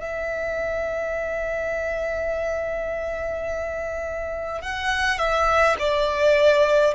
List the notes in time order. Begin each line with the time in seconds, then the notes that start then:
0.00 E5
4.62 F#5
5.18 E5
5.79 D5